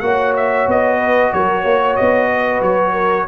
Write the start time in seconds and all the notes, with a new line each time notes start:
0.00 A#3 F#4 C#5 F#5
0.36 E5
0.67 B3 D#5
0.98 B4
1.33 F#3 A#4 C#5
1.61 A#3 C#5
1.96 B3 D#5
2.32 B4
2.61 F#3 C#5
2.92 A#4